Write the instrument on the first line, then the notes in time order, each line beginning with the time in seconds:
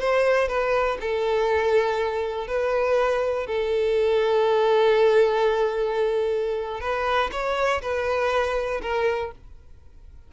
violin
0.00 C5
0.48 B4
1.01 A4
2.47 B4
3.47 A4
6.81 B4
7.32 C#5
7.82 B4
8.82 A#4